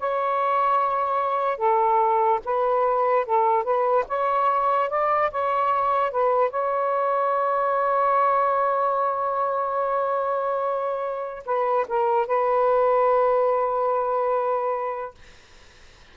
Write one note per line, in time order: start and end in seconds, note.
0.00 1.58 C#5
1.58 2.40 A4
2.45 3.26 B4
3.26 3.64 A4
3.64 4.05 B4
4.08 4.90 C#5
4.90 5.31 D5
5.31 6.12 C#5
6.12 6.50 B4
6.50 11.44 C#5
11.46 11.87 B4
11.88 12.27 A#4
12.27 15.15 B4